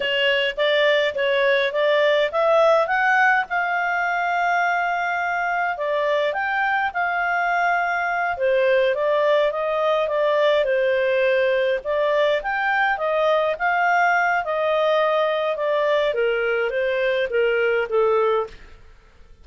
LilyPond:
\new Staff \with { instrumentName = "clarinet" } { \time 4/4 \tempo 4 = 104 cis''4 d''4 cis''4 d''4 | e''4 fis''4 f''2~ | f''2 d''4 g''4 | f''2~ f''8 c''4 d''8~ |
d''8 dis''4 d''4 c''4.~ | c''8 d''4 g''4 dis''4 f''8~ | f''4 dis''2 d''4 | ais'4 c''4 ais'4 a'4 | }